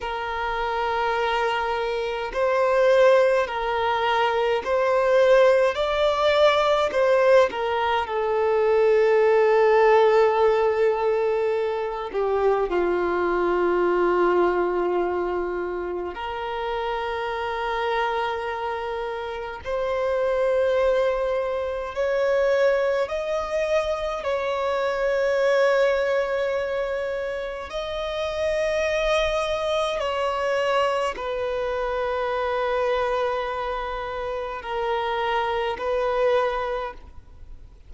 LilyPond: \new Staff \with { instrumentName = "violin" } { \time 4/4 \tempo 4 = 52 ais'2 c''4 ais'4 | c''4 d''4 c''8 ais'8 a'4~ | a'2~ a'8 g'8 f'4~ | f'2 ais'2~ |
ais'4 c''2 cis''4 | dis''4 cis''2. | dis''2 cis''4 b'4~ | b'2 ais'4 b'4 | }